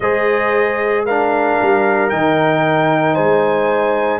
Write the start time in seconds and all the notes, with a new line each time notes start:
0.00 G#3 G#4 C5 D#5
1.05 D4 A#4 F5
1.62 G3
2.09 D#3 D#4 G5
3.14 G#3 C5 G#5